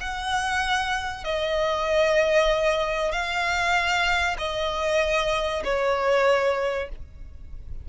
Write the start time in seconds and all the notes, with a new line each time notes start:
0.00 F#5
1.24 D#5
3.12 F5
4.38 D#5
5.64 C#5